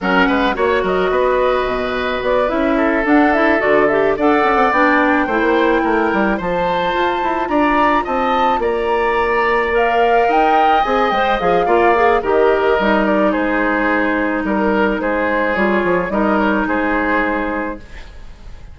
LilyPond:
<<
  \new Staff \with { instrumentName = "flute" } { \time 4/4 \tempo 4 = 108 fis''4 cis''8 dis''2~ dis''8 | d''8 e''4 fis''8 e''8 d''8 e''8 fis''8~ | fis''8 g''2. a''8~ | a''4. ais''4 a''4 ais''8~ |
ais''4. f''4 g''4 gis''8 | g''8 f''4. dis''4. d''8 | c''2 ais'4 c''4 | cis''4 dis''8 cis''8 c''2 | }
  \new Staff \with { instrumentName = "oboe" } { \time 4/4 ais'8 b'8 cis''8 ais'8 b'2~ | b'4 a'2~ a'8 d''8~ | d''4. c''4 ais'4 c''8~ | c''4. d''4 dis''4 d''8~ |
d''2~ d''8 dis''4.~ | dis''4 d''4 ais'2 | gis'2 ais'4 gis'4~ | gis'4 ais'4 gis'2 | }
  \new Staff \with { instrumentName = "clarinet" } { \time 4/4 cis'4 fis'2.~ | fis'8 e'4 d'8 e'8 fis'8 g'8 a'8~ | a'8 d'4 e'2 f'8~ | f'1~ |
f'4. ais'2 gis'8 | c''8 gis'8 f'8 gis'8 g'4 dis'4~ | dis'1 | f'4 dis'2. | }
  \new Staff \with { instrumentName = "bassoon" } { \time 4/4 fis8 gis8 ais8 fis8 b4 b,4 | b8 cis'4 d'4 d4 d'8 | cis'16 c'16 b4 a16 ais8. a8 g8 f8~ | f8 f'8 e'8 d'4 c'4 ais8~ |
ais2~ ais8 dis'4 c'8 | gis8 f8 ais4 dis4 g4 | gis2 g4 gis4 | g8 f8 g4 gis2 | }
>>